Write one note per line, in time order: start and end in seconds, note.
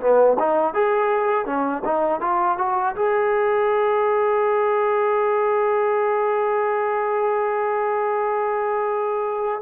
0.00 0.37 B3
0.39 0.74 D#4
0.74 1.46 G#4
1.46 1.83 C#4
1.85 2.21 D#4
2.21 2.58 F4
2.58 2.95 F#4
2.95 9.62 G#4